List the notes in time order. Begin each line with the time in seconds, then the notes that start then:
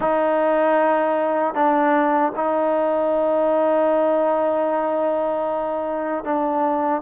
0.00 D#4
1.54 D4
2.35 D#4
6.24 D4